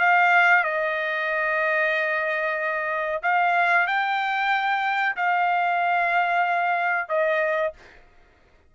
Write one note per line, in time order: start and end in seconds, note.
0.00 0.64 F5
0.64 3.22 D#5
3.23 3.87 F5
3.87 5.16 G5
5.16 7.09 F5
7.09 7.74 D#5